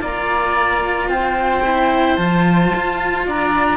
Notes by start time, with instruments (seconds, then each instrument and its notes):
0.00 cello A#3 F4, oboe D5, flute A#5
1.09 cello C4, oboe C5, flute G5
1.65 cello E4
2.17 cello F3 F4, flute A5
2.75 cello F4
3.27 cello D4, oboe D5, flute A#5